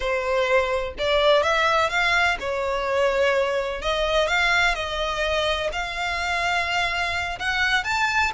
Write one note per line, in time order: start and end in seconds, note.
0.00 0.94 C5
0.98 1.42 D5
1.42 1.89 E5
1.89 2.37 F5
2.40 3.81 C#5
3.81 4.27 D#5
4.27 4.74 F5
4.74 5.70 D#5
5.72 7.39 F5
7.39 7.84 F#5
7.84 8.31 A5